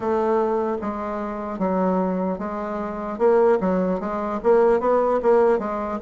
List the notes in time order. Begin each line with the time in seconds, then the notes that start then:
0.00 A3
0.81 G#3
1.58 F#3
2.38 G#3
3.18 A#3
3.60 F#3
4.00 G#3
4.43 A#3
4.80 B3
5.22 A#3
5.59 G#3